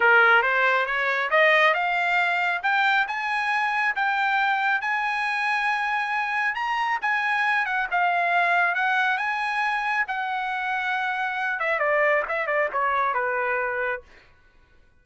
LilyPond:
\new Staff \with { instrumentName = "trumpet" } { \time 4/4 \tempo 4 = 137 ais'4 c''4 cis''4 dis''4 | f''2 g''4 gis''4~ | gis''4 g''2 gis''4~ | gis''2. ais''4 |
gis''4. fis''8 f''2 | fis''4 gis''2 fis''4~ | fis''2~ fis''8 e''8 d''4 | e''8 d''8 cis''4 b'2 | }